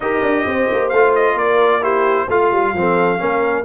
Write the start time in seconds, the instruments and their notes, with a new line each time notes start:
0.00 tuba D#4, trombone G4, horn A#4, trumpet D#5
0.22 tuba D4
0.46 tuba C4, horn C5
0.70 tuba A#3
0.89 tuba A3, trombone F4, trumpet F5
1.15 trumpet D#5
1.35 tuba A#3, horn A#4, trumpet D5
1.81 trombone E4, horn G4, trumpet C5
2.28 tuba A3, horn F4, trombone F4, trumpet F5
2.51 tuba G3
2.73 tuba F3, trombone C4, horn A4
3.18 tuba A#3, trombone C#4, horn A#4